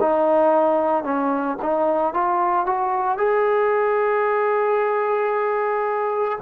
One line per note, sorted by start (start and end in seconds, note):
0.00 1.03 D#4
1.03 1.57 C#4
1.62 2.13 D#4
2.13 2.66 F4
2.66 3.18 F#4
3.18 6.39 G#4